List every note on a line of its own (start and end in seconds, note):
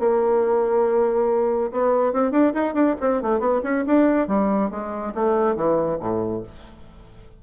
0.00 1.71 A#3
1.72 2.13 B3
2.13 2.32 C4
2.32 2.53 D4
2.54 2.74 D#4
2.74 2.96 D4
3.01 3.22 C4
3.22 3.40 A3
3.40 3.62 B3
3.64 3.85 C#4
3.87 4.28 D4
4.28 4.71 G3
4.71 5.14 G#3
5.15 5.56 A3
5.56 5.99 E3
6.00 6.43 A2